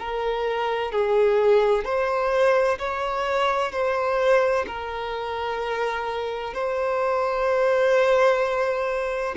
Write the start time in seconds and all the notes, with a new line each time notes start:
0.00 A#4
0.92 G#4
1.85 C5
2.79 C#5
3.72 C5
4.67 A#4
6.55 C5